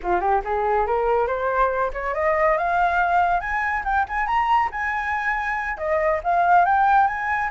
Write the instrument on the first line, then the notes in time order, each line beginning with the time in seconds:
flute
0.03 F4
0.20 G4
0.44 G#4
0.86 A#4
1.27 C5
1.93 C#5
2.14 D#5
2.57 F5
3.40 G#5
3.84 G5
4.08 G#5
4.26 A#5
4.71 G#5
5.77 D#5
6.23 F5
6.65 G5
7.07 G#5